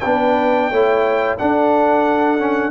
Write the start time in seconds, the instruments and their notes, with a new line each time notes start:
0.00 tuba B3, trombone D4, horn B4, trumpet G5
0.70 tuba A3, trombone E4, horn C#5
1.38 trombone D4, tuba D4, horn A4, trumpet F#5
2.38 trombone C#4